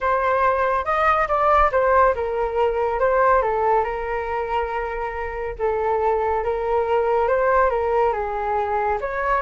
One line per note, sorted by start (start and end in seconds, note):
0.00 0.84 C5
0.84 1.27 D#5
1.28 1.70 D5
1.71 2.14 C5
2.14 2.99 A#4
2.99 3.42 C5
3.42 3.84 A4
3.84 5.55 A#4
5.59 6.44 A4
6.44 7.27 A#4
7.27 7.70 C5
7.70 8.13 A#4
8.13 8.98 G#4
9.00 9.41 C#5